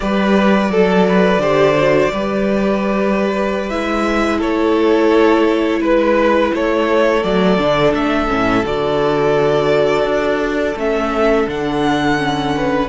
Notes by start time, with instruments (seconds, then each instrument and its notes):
0.00 cello G3, viola G4, violin B4 D5
0.69 cello F#3, violin A4, viola A4
1.08 violin B4
1.37 cello D3, viola G4, violin C5
1.76 viola F#4
2.12 cello G3, viola G4, violin B4
3.69 cello G#3, viola E4, violin E5
4.38 cello A3, violin A4 C#5
5.80 cello G#3, violin B4
6.54 cello A3, violin A4 C#5
7.23 cello F#3, viola A3, violin D5
7.58 cello D3, viola D4
7.93 cello A3, violin E5
8.27 cello A2, viola C#4
8.64 cello D3, viola F#4, violin D5
10.04 cello D4
10.76 cello A3, viola C#4, violin E5
11.47 cello D3, viola D4, violin F#5
12.17 viola C#4
12.56 violin B4